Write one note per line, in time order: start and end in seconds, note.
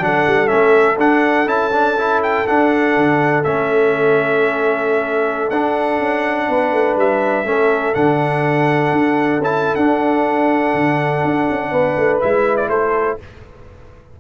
0.00 0.25 F#3
0.00 0.48 D4
0.00 6.50 A4
0.00 0.48 F#5
0.28 0.52 G3
0.48 0.98 A3
0.48 0.96 C#4
0.48 0.97 E5
0.98 1.46 D4
0.98 1.47 D4
0.98 1.49 F#5
1.47 2.44 C#4
1.47 1.71 E4
1.47 2.22 A5
1.73 1.98 D4
1.98 2.47 E4
2.23 2.48 G5
2.47 3.45 D4
2.47 2.97 D4
2.47 3.44 F#5
2.97 3.46 D3
3.44 5.51 A3
3.44 5.52 C#4
3.44 5.51 E5
5.51 6.00 D4
5.51 7.46 D4
5.51 6.97 F#5
6.00 6.48 C#4
6.49 6.72 B3
6.49 7.47 B4
6.72 6.97 A3
6.97 7.46 G3
6.97 7.95 E5
7.46 7.94 A3
7.46 7.95 C#4
7.46 11.72 A4
7.95 8.93 D3
7.95 9.42 D4
7.95 9.41 F#5
8.93 9.39 D4
9.39 9.76 C#4
9.39 9.79 E4
9.39 9.76 A5
9.76 10.74 D4
9.76 12.23 D4
9.76 12.20 F#5
10.74 11.23 D3
11.25 11.49 D4
11.50 11.72 C#4
11.72 11.96 B3
11.72 12.69 B4
11.97 12.22 A3
12.21 12.69 G#3
12.21 13.21 E4
12.21 12.57 E5
12.57 12.69 D5
12.69 13.18 A3
12.69 13.19 A4
12.69 13.19 C5